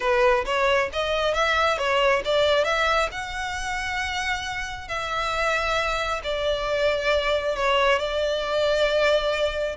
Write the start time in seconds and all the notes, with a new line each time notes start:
0.00 B4
0.45 C#5
0.92 D#5
1.34 E5
1.78 C#5
2.24 D5
2.64 E5
3.11 F#5
4.88 E5
6.23 D5
7.56 C#5
7.98 D5